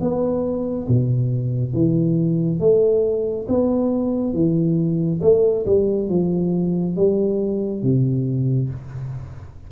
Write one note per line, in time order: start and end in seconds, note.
0.00 0.87 B3
0.88 1.73 B2
1.73 2.59 E3
2.59 3.46 A3
3.48 4.33 B3
4.33 5.20 E3
5.21 5.65 A3
5.65 6.09 G3
6.09 6.96 F3
6.96 7.82 G3
7.82 8.69 C3